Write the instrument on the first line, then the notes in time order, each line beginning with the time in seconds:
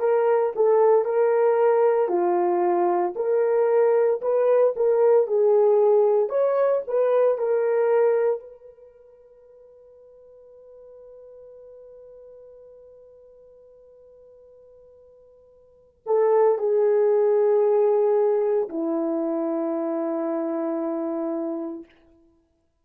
horn
0.00 A#4
0.56 A4
1.05 A#4
2.09 F4
3.16 A#4
4.22 B4
4.77 A#4
5.27 G#4
6.30 C#5
6.88 B4
7.38 A#4
8.40 B4
16.06 A4
16.59 G#4
18.69 E4